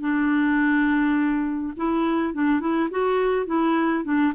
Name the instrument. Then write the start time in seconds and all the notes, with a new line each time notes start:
clarinet
0.00 D4
1.76 E4
2.33 D4
2.60 E4
2.90 F#4
3.46 E4
4.04 D4